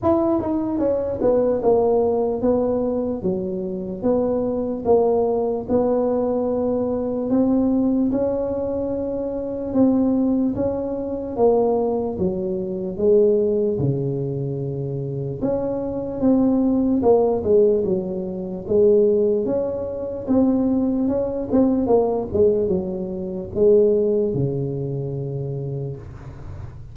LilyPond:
\new Staff \with { instrumentName = "tuba" } { \time 4/4 \tempo 4 = 74 e'8 dis'8 cis'8 b8 ais4 b4 | fis4 b4 ais4 b4~ | b4 c'4 cis'2 | c'4 cis'4 ais4 fis4 |
gis4 cis2 cis'4 | c'4 ais8 gis8 fis4 gis4 | cis'4 c'4 cis'8 c'8 ais8 gis8 | fis4 gis4 cis2 | }